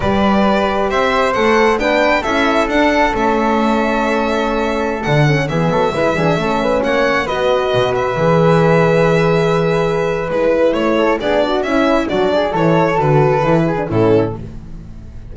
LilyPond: <<
  \new Staff \with { instrumentName = "violin" } { \time 4/4 \tempo 4 = 134 d''2 e''4 fis''4 | g''4 e''4 fis''4 e''4~ | e''2.~ e''16 fis''8.~ | fis''16 e''2. fis''8.~ |
fis''16 dis''4. e''2~ e''16~ | e''2. b'4 | cis''4 d''4 e''4 d''4 | cis''4 b'2 a'4 | }
  \new Staff \with { instrumentName = "flute" } { \time 4/4 b'2 c''2 | b'4 a'2.~ | a'1~ | a'16 gis'8 a'8 b'8 gis'8 a'8 b'8 cis''8.~ |
cis''16 b'2.~ b'8.~ | b'1~ | b'8 a'8 gis'8 fis'8 e'4 fis'8 gis'8 | a'2~ a'8 gis'8 e'4 | }
  \new Staff \with { instrumentName = "horn" } { \time 4/4 g'2. a'4 | d'4 e'4 d'4 cis'4~ | cis'2.~ cis'16 d'8 cis'16~ | cis'16 b4 e'8 d'8 cis'4.~ cis'16~ |
cis'16 fis'2 gis'4.~ gis'16~ | gis'2. e'4~ | e'4 d'4 cis'4 d'4 | e'4 fis'4 e'8. d'16 cis'4 | }
  \new Staff \with { instrumentName = "double bass" } { \time 4/4 g2 c'4 a4 | b4 cis'4 d'4 a4~ | a2.~ a16 d8.~ | d16 e8 fis8 gis8 e8 a4 ais8.~ |
ais16 b4 b,4 e4.~ e16~ | e2. gis4 | a4 b4 cis'4 fis4 | e4 d4 e4 a,4 | }
>>